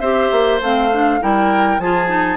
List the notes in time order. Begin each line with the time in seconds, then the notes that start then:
0.00 C4 G4 C5 E5
0.32 A#3
0.61 A3 C4 F5
0.92 D4
1.21 G3 E4 A#4 G5
1.79 F3 F4 G#4 A5
2.07 D#4